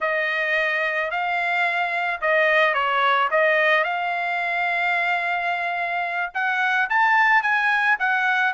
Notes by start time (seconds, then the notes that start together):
0.00 D#5
1.10 F5
2.21 D#5
2.73 C#5
3.31 D#5
3.84 F5
6.34 F#5
6.89 A5
7.42 G#5
7.99 F#5